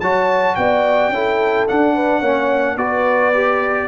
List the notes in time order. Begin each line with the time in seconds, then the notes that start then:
0.00 F#3 F#4 C#5 A5
0.55 B3 D5 G5
1.09 C#4 E4 A4
1.68 D4 F#5
1.95 B4
2.19 A#3 C#4 C#5
2.76 B3 F#4 B4 D5
3.34 G4